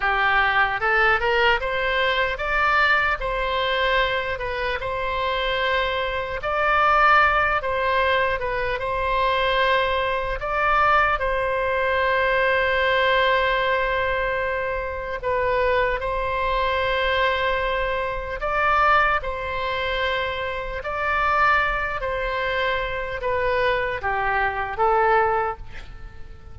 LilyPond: \new Staff \with { instrumentName = "oboe" } { \time 4/4 \tempo 4 = 75 g'4 a'8 ais'8 c''4 d''4 | c''4. b'8 c''2 | d''4. c''4 b'8 c''4~ | c''4 d''4 c''2~ |
c''2. b'4 | c''2. d''4 | c''2 d''4. c''8~ | c''4 b'4 g'4 a'4 | }